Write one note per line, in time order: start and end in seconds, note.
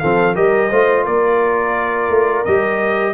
0.00 0.38 F3
0.00 0.35 C4
0.00 0.35 A4
0.00 0.35 F5
0.35 0.72 G3
0.35 0.70 G4
0.35 0.70 A#4
0.35 1.06 D#5
0.70 1.07 A3
0.70 2.46 F4
0.70 1.05 C5
1.05 2.09 A#3
1.05 3.14 A#4
1.05 2.45 D5
2.09 2.44 A3
2.45 3.14 G3
2.45 3.14 G4
2.45 3.14 D#5